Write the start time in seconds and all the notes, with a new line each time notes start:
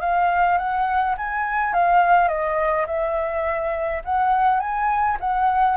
0.00 F5
0.58 F#5
1.17 G#5
1.73 F5
2.28 D#5
2.86 E5
4.04 F#5
4.59 G#5
5.20 F#5